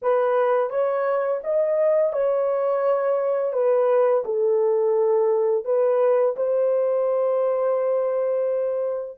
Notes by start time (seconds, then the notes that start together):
0.02 B4
0.70 C#5
1.43 D#5
2.12 C#5
3.53 B4
4.24 A4
5.64 B4
6.36 C5